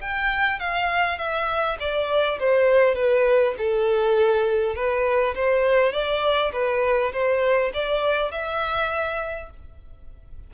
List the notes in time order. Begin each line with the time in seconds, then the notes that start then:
0.00 G5
0.59 F5
1.18 E5
1.79 D5
2.39 C5
2.95 B4
3.57 A4
4.75 B4
5.34 C5
5.92 D5
6.52 B4
7.12 C5
7.73 D5
8.31 E5